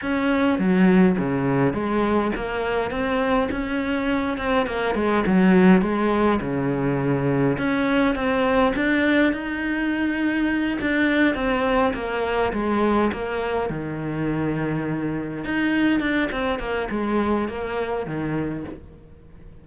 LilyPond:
\new Staff \with { instrumentName = "cello" } { \time 4/4 \tempo 4 = 103 cis'4 fis4 cis4 gis4 | ais4 c'4 cis'4. c'8 | ais8 gis8 fis4 gis4 cis4~ | cis4 cis'4 c'4 d'4 |
dis'2~ dis'8 d'4 c'8~ | c'8 ais4 gis4 ais4 dis8~ | dis2~ dis8 dis'4 d'8 | c'8 ais8 gis4 ais4 dis4 | }